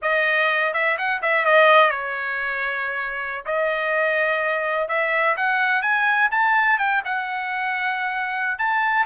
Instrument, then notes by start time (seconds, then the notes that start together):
trumpet
0.02 D#5
0.73 E5
0.97 F#5
1.22 E5
1.45 D#5
1.90 C#5
3.45 D#5
4.88 E5
5.36 F#5
5.82 G#5
6.31 A5
6.78 G5
7.04 F#5
8.58 A5